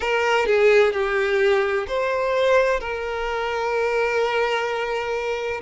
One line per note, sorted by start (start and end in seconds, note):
0.00 0.46 A#4
0.46 0.92 G#4
0.92 1.86 G4
1.87 2.80 C5
2.80 5.61 A#4